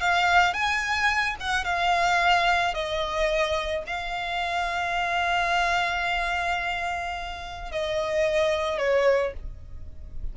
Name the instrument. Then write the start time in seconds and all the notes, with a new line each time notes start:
violin
0.00 F5
0.53 G#5
1.40 F#5
1.64 F5
2.74 D#5
3.86 F5
7.71 D#5
8.78 C#5